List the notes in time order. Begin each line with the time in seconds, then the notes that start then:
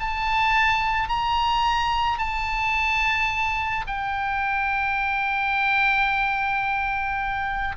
0.00 A5
1.09 A#5
2.18 A5
3.87 G5